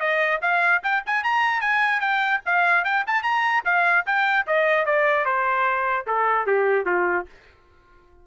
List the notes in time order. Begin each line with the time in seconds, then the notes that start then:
0.00 D#5
0.42 F5
0.83 G5
1.06 G#5
1.24 A#5
1.61 G#5
2.00 G5
2.46 F5
2.84 G5
3.07 A5
3.23 A#5
3.65 F5
4.06 G5
4.47 D#5
4.86 D5
5.25 C5
6.07 A4
6.46 G4
6.86 F4